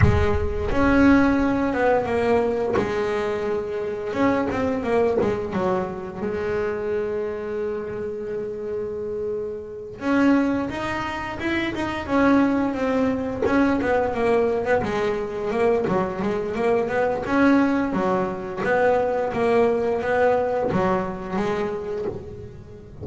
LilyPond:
\new Staff \with { instrumentName = "double bass" } { \time 4/4 \tempo 4 = 87 gis4 cis'4. b8 ais4 | gis2 cis'8 c'8 ais8 gis8 | fis4 gis2.~ | gis2~ gis8 cis'4 dis'8~ |
dis'8 e'8 dis'8 cis'4 c'4 cis'8 | b8 ais8. b16 gis4 ais8 fis8 gis8 | ais8 b8 cis'4 fis4 b4 | ais4 b4 fis4 gis4 | }